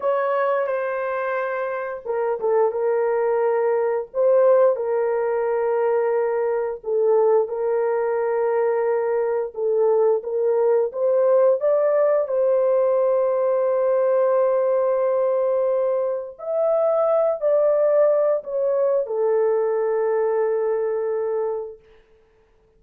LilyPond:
\new Staff \with { instrumentName = "horn" } { \time 4/4 \tempo 4 = 88 cis''4 c''2 ais'8 a'8 | ais'2 c''4 ais'4~ | ais'2 a'4 ais'4~ | ais'2 a'4 ais'4 |
c''4 d''4 c''2~ | c''1 | e''4. d''4. cis''4 | a'1 | }